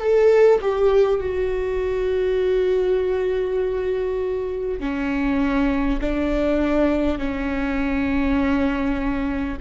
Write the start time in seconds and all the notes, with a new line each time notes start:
0.00 A4
0.62 G4
1.21 F#4
4.81 C#4
6.01 D4
7.18 C#4